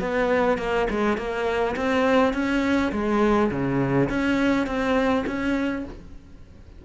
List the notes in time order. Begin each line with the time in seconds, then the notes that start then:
0.00 B3
0.58 A#3
0.90 G#3
1.18 A#3
1.77 C4
2.34 C#4
2.93 G#3
3.51 C#3
4.10 C#4
4.67 C4
5.27 C#4